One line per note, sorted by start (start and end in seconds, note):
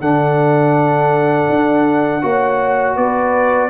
0.00 1.48 D3
0.00 2.22 D4
0.00 2.22 A4
0.00 2.97 F#5
1.49 2.23 D4
2.22 2.96 A#3
2.22 3.69 F#4
2.22 2.95 C#5
2.95 3.69 B3
2.95 3.69 B4
2.95 3.69 D5